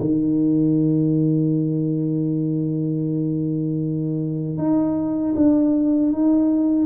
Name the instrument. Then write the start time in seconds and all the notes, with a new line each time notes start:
tuba
0.00 D#3
4.58 D#4
5.36 D4
6.13 D#4